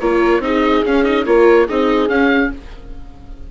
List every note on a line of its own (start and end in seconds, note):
0.00 0.39 A#3
0.00 0.42 F4
0.00 0.42 A#4
0.00 0.42 C#5
0.39 0.81 C4
0.39 0.84 D#4
0.39 0.85 D#5
0.45 1.26 G#4
0.86 1.04 C#4
0.86 1.26 C#4
0.86 1.04 F5
1.04 1.25 D#4
1.04 1.25 D#5
1.26 1.67 A#3
1.26 1.68 F4
1.26 1.66 A#4
1.26 1.68 C#5
1.66 2.08 C4
1.66 2.09 D#4
1.66 2.50 G#4
1.66 2.09 D#5
2.08 2.50 C#4
2.08 2.51 C#4
2.08 2.51 F5